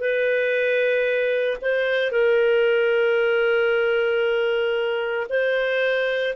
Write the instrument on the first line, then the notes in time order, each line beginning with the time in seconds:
clarinet
0.00 B4
1.62 C5
2.11 A#4
5.29 C5